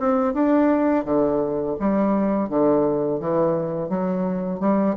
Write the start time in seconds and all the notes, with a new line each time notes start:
0.00 C4
0.33 D4
1.05 D3
1.80 G3
2.49 D3
3.20 E3
3.90 F#3
4.60 G3